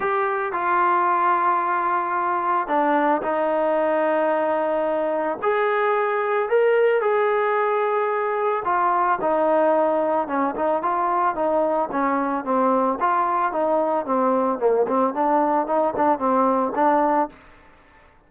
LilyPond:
\new Staff \with { instrumentName = "trombone" } { \time 4/4 \tempo 4 = 111 g'4 f'2.~ | f'4 d'4 dis'2~ | dis'2 gis'2 | ais'4 gis'2. |
f'4 dis'2 cis'8 dis'8 | f'4 dis'4 cis'4 c'4 | f'4 dis'4 c'4 ais8 c'8 | d'4 dis'8 d'8 c'4 d'4 | }